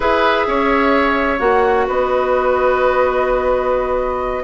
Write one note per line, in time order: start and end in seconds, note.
0.00 0.45 E4
0.00 1.37 G#4
0.00 0.46 B4
0.00 1.39 E5
0.46 1.39 C#4
0.46 1.87 C#5
1.38 1.86 A#3
1.38 4.43 F#4
1.38 1.86 F#5
1.87 4.43 B3
1.87 4.43 B4
1.87 4.43 D#5